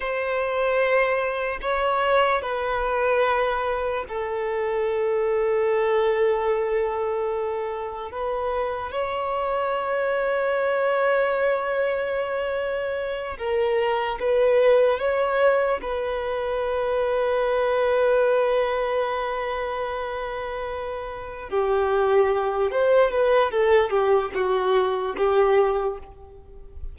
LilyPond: \new Staff \with { instrumentName = "violin" } { \time 4/4 \tempo 4 = 74 c''2 cis''4 b'4~ | b'4 a'2.~ | a'2 b'4 cis''4~ | cis''1~ |
cis''8 ais'4 b'4 cis''4 b'8~ | b'1~ | b'2~ b'8 g'4. | c''8 b'8 a'8 g'8 fis'4 g'4 | }